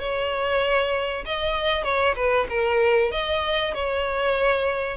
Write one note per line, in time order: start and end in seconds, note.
0.00 1.25 C#5
1.26 1.84 D#5
1.84 2.15 C#5
2.16 2.47 B4
2.49 3.12 A#4
3.12 3.74 D#5
3.74 4.97 C#5